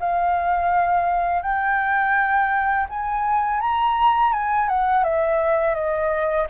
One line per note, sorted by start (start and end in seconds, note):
0.00 1.43 F5
1.43 2.87 G5
2.90 3.61 G#5
3.61 4.33 A#5
4.33 4.69 G#5
4.69 5.04 F#5
5.04 5.75 E5
5.75 6.48 D#5